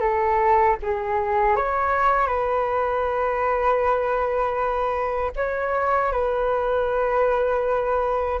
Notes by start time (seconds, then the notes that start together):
0.00 A4
0.82 G#4
1.55 C#5
2.27 B4
5.35 C#5
6.12 B4